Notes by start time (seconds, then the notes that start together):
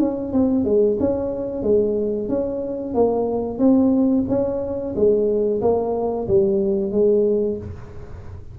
0.00 C#4
0.33 C4
0.65 G#3
1.00 C#4
1.63 G#3
2.29 C#4
2.95 A#3
3.59 C4
4.29 C#4
4.95 G#3
5.62 A#3
6.28 G3
6.92 G#3